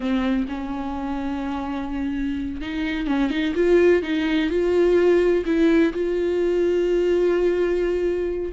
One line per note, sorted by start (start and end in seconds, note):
0.00 0.46 C4
0.48 2.61 C#4
2.61 3.06 D#4
3.06 3.30 C#4
3.30 3.53 D#4
3.55 4.02 F4
4.02 4.49 D#4
4.49 5.44 F4
5.45 5.92 E4
5.93 8.53 F4